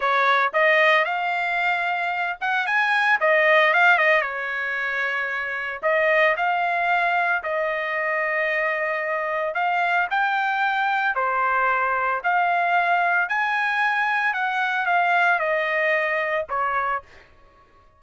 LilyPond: \new Staff \with { instrumentName = "trumpet" } { \time 4/4 \tempo 4 = 113 cis''4 dis''4 f''2~ | f''8 fis''8 gis''4 dis''4 f''8 dis''8 | cis''2. dis''4 | f''2 dis''2~ |
dis''2 f''4 g''4~ | g''4 c''2 f''4~ | f''4 gis''2 fis''4 | f''4 dis''2 cis''4 | }